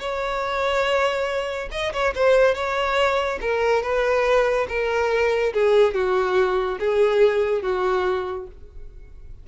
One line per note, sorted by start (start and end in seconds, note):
0.00 1.69 C#5
1.72 1.93 D#5
1.93 2.14 C#5
2.15 2.54 C5
2.54 3.39 C#5
3.41 3.83 A#4
3.83 4.67 B4
4.69 5.53 A#4
5.54 5.94 G#4
5.94 6.79 F#4
6.79 7.62 G#4
7.62 8.47 F#4